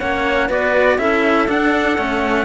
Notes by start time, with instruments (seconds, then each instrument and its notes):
0.00 cello A#3 C#4, clarinet C#5, trumpet F#5
0.49 cello B3 F#4, clarinet B4, trumpet D5
0.99 cello C#4 E4, clarinet A4, trumpet E5
1.48 cello D4, trumpet F#5
1.98 cello A3 C#4